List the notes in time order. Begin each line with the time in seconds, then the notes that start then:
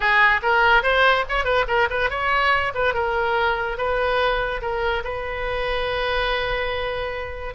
0.00 G#4
0.42 A#4
0.82 C5
1.28 C#5
1.44 B4
1.67 A#4
1.89 B4
2.10 C#5
2.74 B4
2.94 A#4
3.77 B4
4.61 A#4
5.03 B4